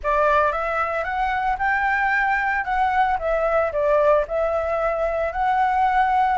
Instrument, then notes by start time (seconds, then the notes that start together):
flute
0.03 D5
0.52 E5
1.04 F#5
1.58 G5
2.64 F#5
3.18 E5
3.72 D5
4.27 E5
5.32 F#5